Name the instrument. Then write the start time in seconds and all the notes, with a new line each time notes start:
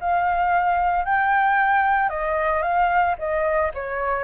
flute
0.00 F5
1.05 G5
2.09 D#5
2.62 F5
3.18 D#5
3.74 C#5